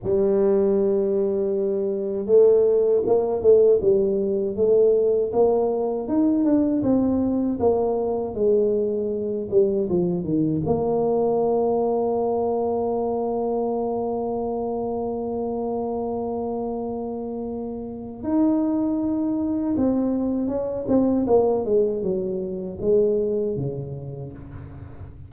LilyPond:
\new Staff \with { instrumentName = "tuba" } { \time 4/4 \tempo 4 = 79 g2. a4 | ais8 a8 g4 a4 ais4 | dis'8 d'8 c'4 ais4 gis4~ | gis8 g8 f8 dis8 ais2~ |
ais1~ | ais1 | dis'2 c'4 cis'8 c'8 | ais8 gis8 fis4 gis4 cis4 | }